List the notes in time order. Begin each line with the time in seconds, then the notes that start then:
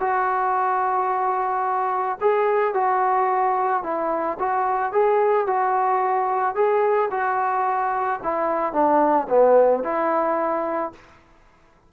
0.00 F#4
2.21 G#4
2.74 F#4
3.83 E4
4.39 F#4
4.93 G#4
5.47 F#4
6.55 G#4
7.11 F#4
8.23 E4
8.73 D4
9.30 B3
9.84 E4